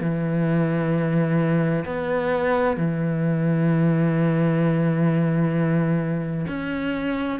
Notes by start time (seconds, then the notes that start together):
0.00 E3
1.85 B3
2.77 E3
6.47 C#4